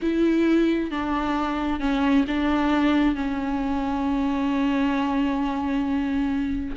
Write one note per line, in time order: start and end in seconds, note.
0.02 0.90 E4
0.90 1.80 D4
1.80 2.25 C#4
2.27 3.15 D4
3.15 6.75 C#4